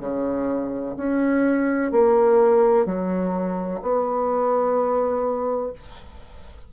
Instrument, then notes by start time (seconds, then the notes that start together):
bassoon
0.00 C#3
0.97 C#4
1.91 A#3
2.85 F#3
3.82 B3